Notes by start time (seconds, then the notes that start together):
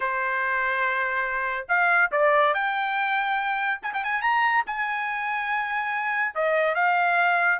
0.00 C5
1.68 F5
2.11 D5
2.54 G5
3.82 G#5
3.93 G5
4.04 G#5
4.21 A#5
4.66 G#5
6.34 D#5
6.75 F5